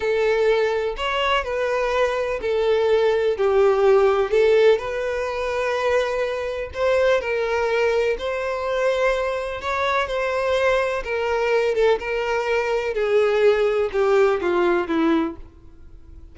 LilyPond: \new Staff \with { instrumentName = "violin" } { \time 4/4 \tempo 4 = 125 a'2 cis''4 b'4~ | b'4 a'2 g'4~ | g'4 a'4 b'2~ | b'2 c''4 ais'4~ |
ais'4 c''2. | cis''4 c''2 ais'4~ | ais'8 a'8 ais'2 gis'4~ | gis'4 g'4 f'4 e'4 | }